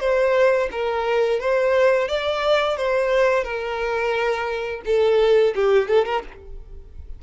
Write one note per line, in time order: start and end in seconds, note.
0.00 0.69 C5
0.72 1.40 A#4
1.40 2.08 C5
2.08 2.77 D5
2.77 3.44 C5
3.44 4.82 A#4
4.86 5.55 A4
5.55 5.88 G4
5.88 6.06 A4
6.06 6.23 A#4